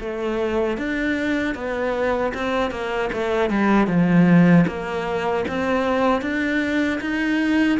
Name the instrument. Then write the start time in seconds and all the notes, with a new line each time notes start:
cello
0.00 A3
0.78 D4
1.55 B3
2.34 C4
2.71 A#3
3.13 A3
3.50 G3
3.87 F3
4.67 A#3
5.48 C4
6.21 D4
7.01 D#4